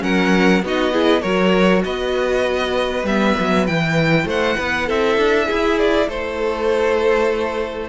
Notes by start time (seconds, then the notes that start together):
0.00 F#3 C#4 A#4 F#5
0.62 B3 D#4 F#4 D#5
0.92 E4 G#4
1.21 F#3 F#4 A#4 C#5
1.84 B3 B4 D#5
3.03 G3 B3 E5
3.40 F#3
3.67 E3 E4 G5
4.25 A3 C5 F#5
4.56 B3 B4
4.87 C4 A4 E5
5.17 D4
5.46 E4 G#4
5.79 D5
6.08 A3 A4 C5